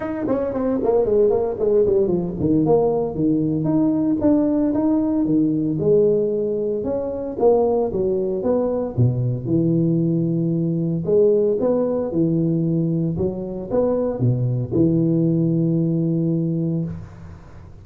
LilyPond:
\new Staff \with { instrumentName = "tuba" } { \time 4/4 \tempo 4 = 114 dis'8 cis'8 c'8 ais8 gis8 ais8 gis8 g8 | f8 dis8 ais4 dis4 dis'4 | d'4 dis'4 dis4 gis4~ | gis4 cis'4 ais4 fis4 |
b4 b,4 e2~ | e4 gis4 b4 e4~ | e4 fis4 b4 b,4 | e1 | }